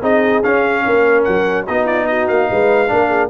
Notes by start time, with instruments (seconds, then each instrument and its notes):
0.00 tuba C4, trombone D#4, horn G#4, trumpet D#5
0.43 trombone C#4, tuba C#4, trumpet F5
0.85 tuba A#3, horn A#4
1.24 tuba F#3, trumpet F#5
1.66 tuba B3, trombone D#4, horn F#4, trumpet D#5
1.84 horn F4, trumpet D5
2.07 horn F#4, trumpet D#5
2.28 tuba A#3, trumpet F5
2.50 tuba G#3, horn B4
2.87 tuba A#3, trombone D4, horn A#4
3.08 horn G#4